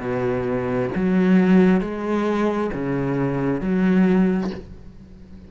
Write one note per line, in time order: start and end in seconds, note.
0.00 0.90 B2
0.95 1.81 F#3
1.81 2.71 G#3
2.74 3.61 C#3
3.61 4.50 F#3